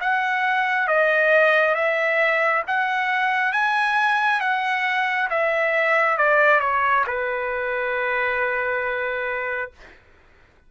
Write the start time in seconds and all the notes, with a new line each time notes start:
0.00 F#5
0.87 D#5
1.74 E5
2.67 F#5
3.52 G#5
4.40 F#5
5.30 E5
6.18 D5
6.60 C#5
7.07 B4